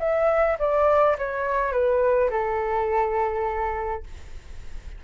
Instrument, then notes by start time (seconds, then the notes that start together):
flute
0.00 E5
0.59 D5
1.18 C#5
1.73 B4
2.31 A4